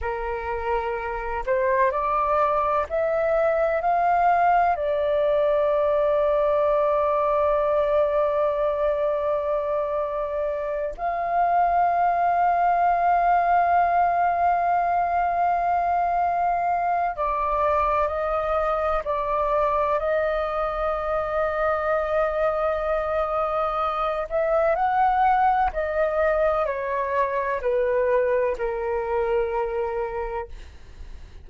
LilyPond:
\new Staff \with { instrumentName = "flute" } { \time 4/4 \tempo 4 = 63 ais'4. c''8 d''4 e''4 | f''4 d''2.~ | d''2.~ d''8 f''8~ | f''1~ |
f''2 d''4 dis''4 | d''4 dis''2.~ | dis''4. e''8 fis''4 dis''4 | cis''4 b'4 ais'2 | }